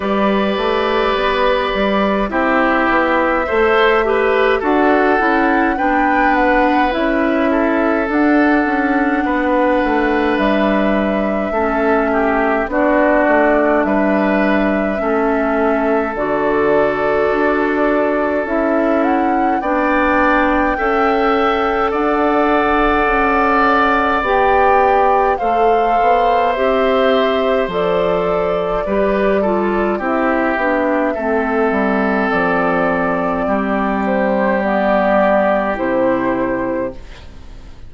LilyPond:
<<
  \new Staff \with { instrumentName = "flute" } { \time 4/4 \tempo 4 = 52 d''2 e''2 | fis''4 g''8 fis''8 e''4 fis''4~ | fis''4 e''2 d''4 | e''2 d''2 |
e''8 fis''8 g''2 fis''4~ | fis''4 g''4 f''4 e''4 | d''2 e''2 | d''4. c''8 d''4 c''4 | }
  \new Staff \with { instrumentName = "oboe" } { \time 4/4 b'2 g'4 c''8 b'8 | a'4 b'4. a'4. | b'2 a'8 g'8 fis'4 | b'4 a'2.~ |
a'4 d''4 e''4 d''4~ | d''2 c''2~ | c''4 b'8 a'8 g'4 a'4~ | a'4 g'2. | }
  \new Staff \with { instrumentName = "clarinet" } { \time 4/4 g'2 e'4 a'8 g'8 | fis'8 e'8 d'4 e'4 d'4~ | d'2 cis'4 d'4~ | d'4 cis'4 fis'2 |
e'4 d'4 a'2~ | a'4 g'4 a'4 g'4 | a'4 g'8 f'8 e'8 d'8 c'4~ | c'2 b4 e'4 | }
  \new Staff \with { instrumentName = "bassoon" } { \time 4/4 g8 a8 b8 g8 c'8 b8 a4 | d'8 cis'8 b4 cis'4 d'8 cis'8 | b8 a8 g4 a4 b8 a8 | g4 a4 d4 d'4 |
cis'4 b4 cis'4 d'4 | cis'4 b4 a8 b8 c'4 | f4 g4 c'8 b8 a8 g8 | f4 g2 c4 | }
>>